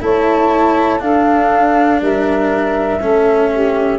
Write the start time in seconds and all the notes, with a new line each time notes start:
0.00 A3 E4 C#5 A5
0.99 D4 A4 F5
2.01 G3 A#4 E5
3.01 A3 C#4 A4
3.51 G4